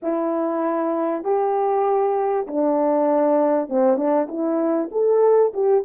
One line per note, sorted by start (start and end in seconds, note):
0.02 1.24 E4
1.24 2.46 G4
2.47 3.69 D4
3.69 3.96 C4
3.96 4.27 D4
4.28 4.89 E4
4.91 5.52 A4
5.53 5.84 G4